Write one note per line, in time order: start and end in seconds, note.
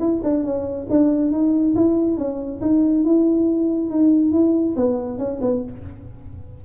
0.00 0.22 E4
0.24 0.44 D4
0.44 0.88 C#4
0.90 1.32 D4
1.32 1.75 D#4
1.76 2.18 E4
2.18 2.61 C#4
2.62 3.05 D#4
3.05 3.91 E4
3.91 4.32 D#4
4.32 4.76 E4
4.77 5.19 B3
5.19 5.40 C#4
5.42 5.63 B3